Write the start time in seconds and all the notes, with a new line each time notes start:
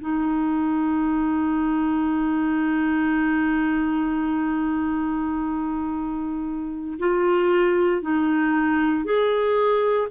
0.00 D#4
6.99 F4
8.02 D#4
9.05 G#4